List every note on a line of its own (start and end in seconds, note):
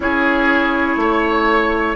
0.00 0.96 C#4
0.00 1.96 E4
0.00 1.00 G#4
0.00 1.96 C#5
0.96 1.94 A3
0.96 1.96 C#5